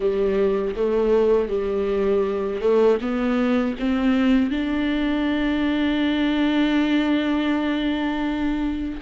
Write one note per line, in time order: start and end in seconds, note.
0.00 0.74 G3
0.75 1.49 A3
1.49 2.61 G3
2.61 2.98 A3
3.01 3.76 B3
3.79 4.50 C4
4.50 9.00 D4